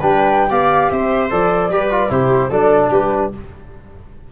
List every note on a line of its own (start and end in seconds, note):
0.00 0.51 G3
0.00 0.50 D4
0.00 0.50 B4
0.00 0.52 G5
0.50 0.91 B3
0.50 1.30 G4
0.50 0.90 D5
0.50 0.91 F5
0.91 1.31 C4
0.91 1.71 C5
0.91 1.31 E5
1.31 1.70 F3
1.31 1.71 A4
1.31 2.11 D5
1.70 2.10 G3
1.70 1.91 G4
1.70 2.11 B4
1.91 2.10 F4
2.10 2.50 C3
2.10 2.50 E4
2.10 2.50 G4
2.10 2.51 C5
2.50 2.90 F#3
2.50 3.32 D4
2.50 2.90 A4
2.50 2.91 D5
2.90 3.31 G3
2.90 3.30 G4
2.90 3.32 B4